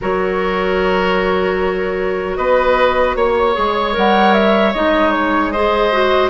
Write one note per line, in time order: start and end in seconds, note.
0.01 2.37 F#3
0.01 3.54 F#4
0.01 2.37 A#4
0.01 2.36 C#5
2.36 3.15 B3
2.36 3.16 B4
2.36 3.15 D#5
3.15 3.55 A#3
3.15 3.95 C#5
3.15 5.52 C#5
3.54 3.96 G#3
3.54 3.92 G#4
3.92 4.74 G3
3.92 4.71 A#4
3.92 4.33 F#5
4.33 4.72 E5
4.73 6.29 G#3
4.73 5.54 D#4
4.73 5.11 D#5
5.11 5.50 C#5
5.50 5.92 G#4
5.50 6.29 C5
5.50 6.29 D#5
5.92 6.29 F#4